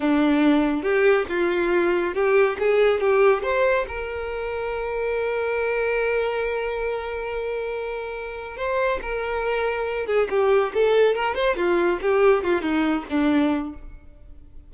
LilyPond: \new Staff \with { instrumentName = "violin" } { \time 4/4 \tempo 4 = 140 d'2 g'4 f'4~ | f'4 g'4 gis'4 g'4 | c''4 ais'2.~ | ais'1~ |
ais'1 | c''4 ais'2~ ais'8 gis'8 | g'4 a'4 ais'8 c''8 f'4 | g'4 f'8 dis'4 d'4. | }